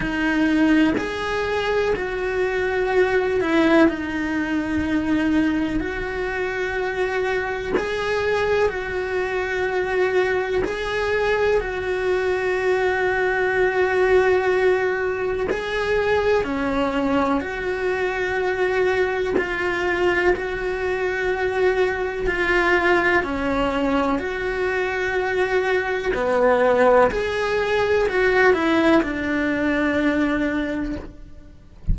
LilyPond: \new Staff \with { instrumentName = "cello" } { \time 4/4 \tempo 4 = 62 dis'4 gis'4 fis'4. e'8 | dis'2 fis'2 | gis'4 fis'2 gis'4 | fis'1 |
gis'4 cis'4 fis'2 | f'4 fis'2 f'4 | cis'4 fis'2 b4 | gis'4 fis'8 e'8 d'2 | }